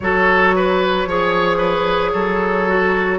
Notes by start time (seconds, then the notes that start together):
0.00 F#3 F#4 A4 C#5
0.55 B4
1.06 F3 G#4 C#5
1.57 B4
2.13 F#3 A4
2.68 F#4